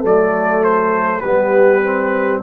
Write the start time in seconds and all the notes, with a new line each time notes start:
0.00 F#3 A3 A4 D5
0.64 C5
1.21 G3 B3 G4 B4
1.84 C4